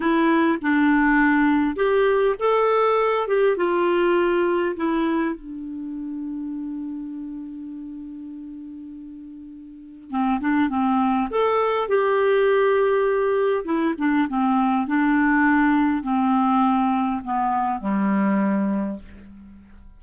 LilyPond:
\new Staff \with { instrumentName = "clarinet" } { \time 4/4 \tempo 4 = 101 e'4 d'2 g'4 | a'4. g'8 f'2 | e'4 d'2.~ | d'1~ |
d'4 c'8 d'8 c'4 a'4 | g'2. e'8 d'8 | c'4 d'2 c'4~ | c'4 b4 g2 | }